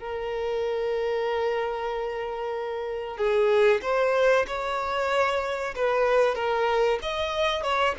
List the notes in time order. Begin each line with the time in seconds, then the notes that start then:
0.00 A#4
3.18 G#4
3.82 C5
4.48 C#5
5.76 B4
6.35 A#4
7.03 D#5
7.64 C#5